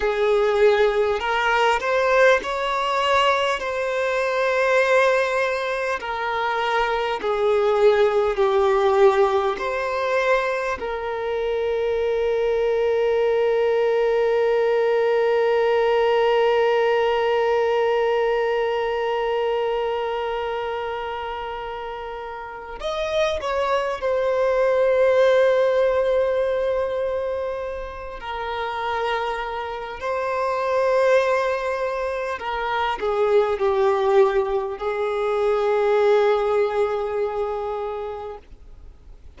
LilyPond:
\new Staff \with { instrumentName = "violin" } { \time 4/4 \tempo 4 = 50 gis'4 ais'8 c''8 cis''4 c''4~ | c''4 ais'4 gis'4 g'4 | c''4 ais'2.~ | ais'1~ |
ais'2. dis''8 cis''8 | c''2.~ c''8 ais'8~ | ais'4 c''2 ais'8 gis'8 | g'4 gis'2. | }